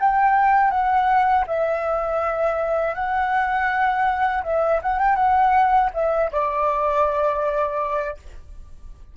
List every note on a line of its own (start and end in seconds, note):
0.00 0.70 G5
0.70 1.44 F#5
1.47 2.95 E5
2.95 4.43 F#5
4.43 4.80 E5
4.82 4.99 F#5
4.99 5.16 G5
5.16 5.90 F#5
5.94 6.31 E5
6.32 8.17 D5